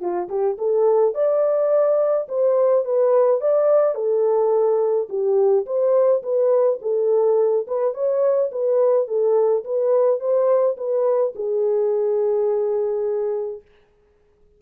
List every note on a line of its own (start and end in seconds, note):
0.00 0.28 F4
0.29 0.57 G4
0.58 1.14 A4
1.14 2.27 D5
2.28 2.85 C5
2.85 3.40 B4
3.40 3.95 D5
3.95 5.08 A4
5.09 5.66 G4
5.66 6.22 C5
6.22 6.79 B4
6.82 7.66 A4
7.67 7.94 B4
7.94 8.50 C#5
8.51 9.07 B4
9.07 9.64 A4
9.64 10.20 B4
10.20 10.76 C5
10.77 11.34 B4
11.35 13.61 G#4